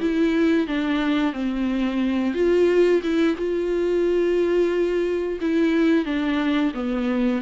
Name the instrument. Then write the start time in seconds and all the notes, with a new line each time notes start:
viola
0.00 E4
0.67 D4
1.33 C4
2.34 F4
3.03 E4
3.37 F4
5.41 E4
6.05 D4
6.74 B3